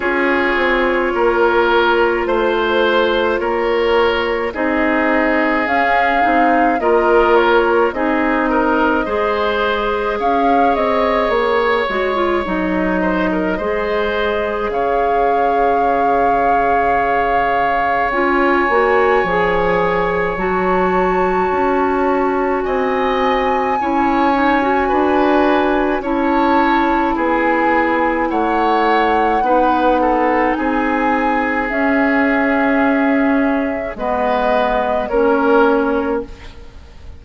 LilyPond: <<
  \new Staff \with { instrumentName = "flute" } { \time 4/4 \tempo 4 = 53 cis''2 c''4 cis''4 | dis''4 f''4 dis''8 cis''8 dis''4~ | dis''4 f''8 dis''8 cis''4 dis''4~ | dis''4 f''2. |
gis''2 a''2 | gis''2. a''4 | gis''4 fis''2 gis''4 | e''2 dis''4 cis''4 | }
  \new Staff \with { instrumentName = "oboe" } { \time 4/4 gis'4 ais'4 c''4 ais'4 | gis'2 ais'4 gis'8 ais'8 | c''4 cis''2~ cis''8 c''16 ais'16 | c''4 cis''2.~ |
cis''1 | dis''4 cis''4 b'4 cis''4 | gis'4 cis''4 b'8 a'8 gis'4~ | gis'2 b'4 ais'4 | }
  \new Staff \with { instrumentName = "clarinet" } { \time 4/4 f'1 | dis'4 cis'8 dis'8 f'4 dis'4 | gis'2~ gis'8 fis'16 f'16 dis'4 | gis'1 |
f'8 fis'8 gis'4 fis'2~ | fis'4 e'8 dis'16 fis'4~ fis'16 e'4~ | e'2 dis'2 | cis'2 b4 cis'4 | }
  \new Staff \with { instrumentName = "bassoon" } { \time 4/4 cis'8 c'8 ais4 a4 ais4 | c'4 cis'8 c'8 ais4 c'4 | gis4 cis'8 c'8 ais8 gis8 fis4 | gis4 cis2. |
cis'8 ais8 f4 fis4 cis'4 | c'4 cis'4 d'4 cis'4 | b4 a4 b4 c'4 | cis'2 gis4 ais4 | }
>>